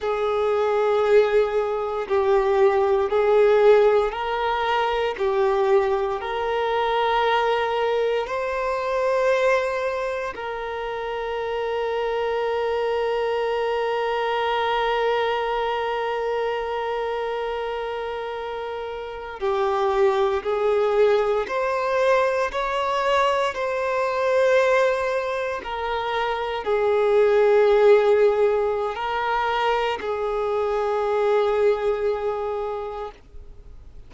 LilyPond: \new Staff \with { instrumentName = "violin" } { \time 4/4 \tempo 4 = 58 gis'2 g'4 gis'4 | ais'4 g'4 ais'2 | c''2 ais'2~ | ais'1~ |
ais'2~ ais'8. g'4 gis'16~ | gis'8. c''4 cis''4 c''4~ c''16~ | c''8. ais'4 gis'2~ gis'16 | ais'4 gis'2. | }